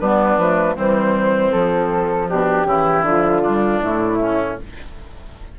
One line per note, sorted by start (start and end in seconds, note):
0.00 0.37 G3
0.00 0.40 B3
0.00 0.75 D4
0.00 0.76 B4
0.37 0.75 F3
0.37 0.75 A3
0.75 1.53 E3
0.75 1.51 G3
0.75 2.27 C4
0.75 1.52 C5
1.52 2.66 F3
1.52 2.30 F3
1.52 2.28 A4
2.29 2.64 B2
2.29 2.67 D4
2.29 3.05 G4
2.64 3.02 C#3
2.64 3.04 E3
2.64 3.42 E4
3.02 3.78 D3
3.02 3.44 F3
3.02 3.82 F4
3.42 3.81 G3
3.42 4.18 D4
3.81 4.58 A2
3.81 4.57 A3
3.81 4.58 E4
4.21 4.59 C#4